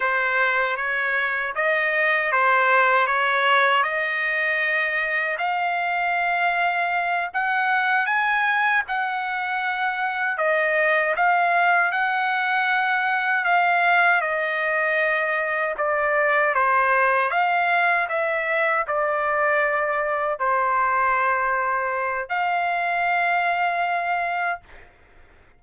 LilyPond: \new Staff \with { instrumentName = "trumpet" } { \time 4/4 \tempo 4 = 78 c''4 cis''4 dis''4 c''4 | cis''4 dis''2 f''4~ | f''4. fis''4 gis''4 fis''8~ | fis''4. dis''4 f''4 fis''8~ |
fis''4. f''4 dis''4.~ | dis''8 d''4 c''4 f''4 e''8~ | e''8 d''2 c''4.~ | c''4 f''2. | }